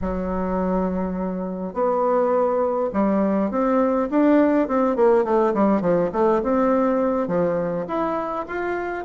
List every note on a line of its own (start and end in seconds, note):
0.01 1.73 F#3
1.73 2.90 B3
2.93 3.50 G3
3.50 4.09 C4
4.10 4.68 D4
4.68 4.96 C4
4.96 5.24 A#3
5.24 5.53 A3
5.54 5.81 G3
5.81 6.10 F3
6.12 6.41 A3
6.42 7.27 C4
7.27 7.85 F3
7.87 8.45 E4
8.47 9.05 F4